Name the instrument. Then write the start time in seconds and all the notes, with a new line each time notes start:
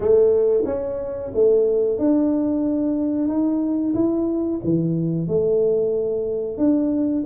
tuba
0.00 A3
0.65 C#4
1.34 A3
1.98 D4
3.28 D#4
3.94 E4
4.64 E3
5.27 A3
6.57 D4